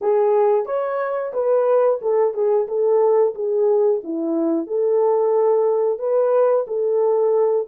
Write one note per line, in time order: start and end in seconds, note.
0.01 0.65 G#4
0.65 1.32 C#5
1.33 1.99 B4
2.02 2.34 A4
2.34 2.67 G#4
2.67 3.34 A4
3.34 4.01 G#4
4.03 4.66 E4
4.66 5.98 A4
5.98 6.65 B4
6.67 7.67 A4